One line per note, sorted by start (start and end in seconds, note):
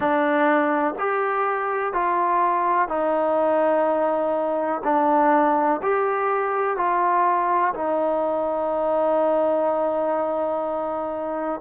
0.00 0.95 D4
0.99 1.93 G4
1.93 2.88 F4
2.88 4.82 D#4
4.84 5.81 D4
5.82 6.77 G4
6.77 7.73 F4
7.74 11.60 D#4